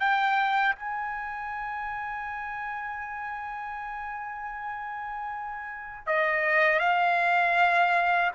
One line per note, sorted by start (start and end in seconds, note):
0.00 0.75 G5
0.75 6.07 G#5
6.07 6.79 D#5
6.79 8.31 F5